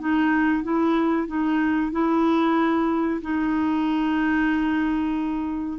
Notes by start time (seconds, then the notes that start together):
0.00 D#4
0.63 E4
1.28 D#4
1.92 E4
3.22 D#4